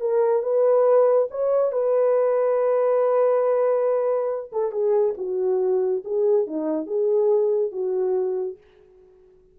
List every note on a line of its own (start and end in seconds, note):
0.00 0.42 A#4
0.42 1.28 B4
1.30 1.72 C#5
1.72 4.50 B4
4.52 4.71 A4
4.71 5.14 G#4
5.17 6.03 F#4
6.04 6.47 G#4
6.47 6.86 D#4
6.86 7.71 G#4
7.71 8.57 F#4